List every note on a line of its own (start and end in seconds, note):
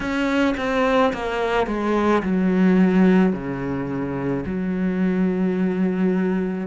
0.00 0.55 C#4
0.57 1.13 C4
1.13 1.67 A#3
1.67 2.22 G#3
2.22 3.32 F#3
3.32 4.43 C#3
4.45 6.67 F#3